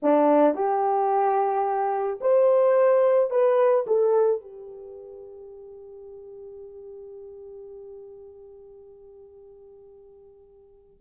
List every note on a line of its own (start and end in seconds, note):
0.02 0.54 D4
0.54 2.19 G4
2.20 3.30 C5
3.30 3.85 B4
3.86 4.41 A4
4.41 11.00 G4